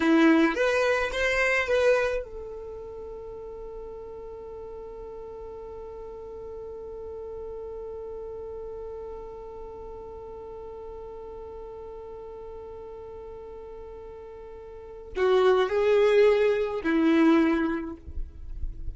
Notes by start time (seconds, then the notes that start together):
0.00 E4
0.55 B4
1.12 C5
1.68 B4
2.23 A4
15.16 F#4
15.69 G#4
16.83 E4